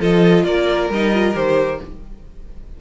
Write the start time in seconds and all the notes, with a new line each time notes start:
0.00 F3 F4 A4 D#5
0.44 A#3 A#4 D5
0.89 G3 D#4 D#5
1.14 F4
1.34 D#3 G4 C5